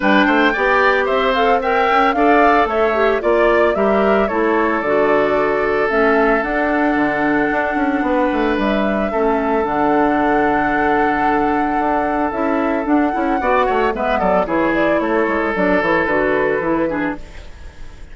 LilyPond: <<
  \new Staff \with { instrumentName = "flute" } { \time 4/4 \tempo 4 = 112 g''2 e''8 f''8 g''4 | f''4 e''4 d''4 e''4 | cis''4 d''2 e''4 | fis''1 |
e''2 fis''2~ | fis''2. e''4 | fis''2 e''8 d''8 cis''8 d''8 | cis''4 d''8 cis''8 b'2 | }
  \new Staff \with { instrumentName = "oboe" } { \time 4/4 b'8 c''8 d''4 c''4 e''4 | d''4 cis''4 d''4 ais'4 | a'1~ | a'2. b'4~ |
b'4 a'2.~ | a'1~ | a'4 d''8 cis''8 b'8 a'8 gis'4 | a'2.~ a'8 gis'8 | }
  \new Staff \with { instrumentName = "clarinet" } { \time 4/4 d'4 g'4. a'8 ais'4 | a'4. g'8 f'4 g'4 | e'4 fis'2 cis'4 | d'1~ |
d'4 cis'4 d'2~ | d'2. e'4 | d'8 e'8 fis'4 b4 e'4~ | e'4 d'8 e'8 fis'4 e'8 d'8 | }
  \new Staff \with { instrumentName = "bassoon" } { \time 4/4 g8 a8 b4 c'4. cis'8 | d'4 a4 ais4 g4 | a4 d2 a4 | d'4 d4 d'8 cis'8 b8 a8 |
g4 a4 d2~ | d2 d'4 cis'4 | d'8 cis'8 b8 a8 gis8 fis8 e4 | a8 gis8 fis8 e8 d4 e4 | }
>>